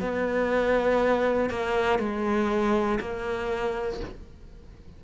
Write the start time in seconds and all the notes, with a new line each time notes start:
0.00 B3
1.50 A#3
1.99 G#3
3.00 A#3